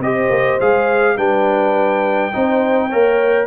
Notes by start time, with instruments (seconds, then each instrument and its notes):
0.00 tuba C4, trombone G4, horn C5, trumpet D#5
0.30 tuba A#3
0.60 tuba G#3, trombone G#4, trumpet F5
1.17 tuba G3, trombone D4, horn B4, trumpet G5
2.33 tuba C4, trombone D#4, horn C5
2.89 tuba A#3, trombone A#4, horn C#5